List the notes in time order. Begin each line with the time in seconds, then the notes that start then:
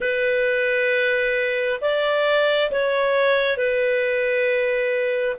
0.00 B4
1.81 D5
2.71 C#5
3.57 B4